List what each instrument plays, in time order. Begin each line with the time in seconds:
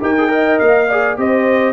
0.00 tuba D#4, trombone G4, horn A#4, trumpet G5
0.18 trombone G#4
0.29 trombone A#4, horn D#5
0.59 tuba A#3, trumpet F5
0.89 trombone G#4, horn D5
1.17 tuba C4, trombone G4, horn C5, trumpet D#5